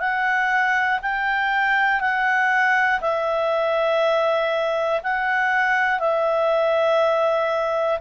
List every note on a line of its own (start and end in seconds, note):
0.00 1.00 F#5
1.02 2.00 G5
2.00 3.00 F#5
3.01 5.01 E5
5.03 6.00 F#5
6.00 8.00 E5